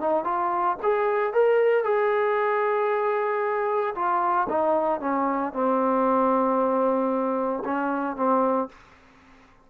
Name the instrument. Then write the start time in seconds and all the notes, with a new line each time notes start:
trombone
0.00 D#4
0.24 F4
0.83 G#4
1.33 A#4
1.84 G#4
3.94 F4
4.49 D#4
5.00 C#4
5.53 C4
7.65 C#4
8.16 C4